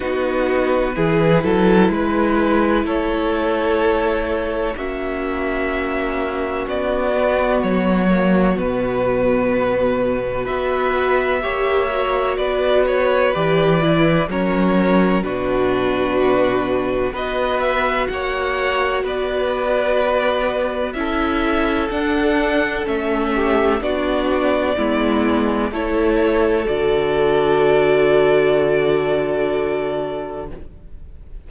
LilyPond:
<<
  \new Staff \with { instrumentName = "violin" } { \time 4/4 \tempo 4 = 63 b'2. cis''4~ | cis''4 e''2 d''4 | cis''4 b'2 e''4~ | e''4 d''8 cis''8 d''4 cis''4 |
b'2 dis''8 e''8 fis''4 | d''2 e''4 fis''4 | e''4 d''2 cis''4 | d''1 | }
  \new Staff \with { instrumentName = "violin" } { \time 4/4 fis'4 gis'8 a'8 b'4 a'4~ | a'4 fis'2.~ | fis'2. b'4 | cis''4 b'2 ais'4 |
fis'2 b'4 cis''4 | b'2 a'2~ | a'8 g'8 fis'4 e'4 a'4~ | a'1 | }
  \new Staff \with { instrumentName = "viola" } { \time 4/4 dis'4 e'2.~ | e'4 cis'2~ cis'8 b8~ | b8 ais8 b2 fis'4 | g'8 fis'4. g'8 e'8 cis'4 |
d'2 fis'2~ | fis'2 e'4 d'4 | cis'4 d'4 b4 e'4 | fis'1 | }
  \new Staff \with { instrumentName = "cello" } { \time 4/4 b4 e8 fis8 gis4 a4~ | a4 ais2 b4 | fis4 b,2 b4 | ais4 b4 e4 fis4 |
b,2 b4 ais4 | b2 cis'4 d'4 | a4 b4 gis4 a4 | d1 | }
>>